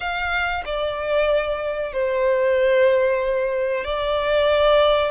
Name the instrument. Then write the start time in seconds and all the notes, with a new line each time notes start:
violin
0.00 F5
0.65 D5
1.93 C5
3.84 D5